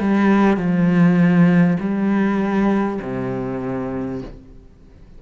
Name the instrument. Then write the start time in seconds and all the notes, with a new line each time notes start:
cello
0.00 G3
0.57 F3
1.79 G3
3.02 C3